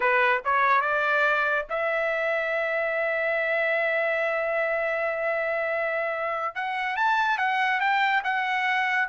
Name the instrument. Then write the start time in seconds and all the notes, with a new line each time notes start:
trumpet
0.00 B4
0.44 C#5
0.81 D5
1.69 E5
6.55 F#5
6.96 A5
7.38 F#5
7.80 G5
8.24 F#5